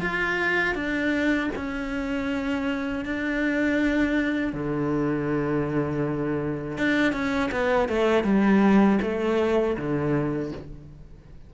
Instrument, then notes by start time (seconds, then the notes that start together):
cello
0.00 F4
0.74 D4
1.55 C#4
3.05 D4
4.52 D3
6.77 D4
7.12 C#4
7.51 B3
7.88 A3
8.24 G3
9.01 A3
9.77 D3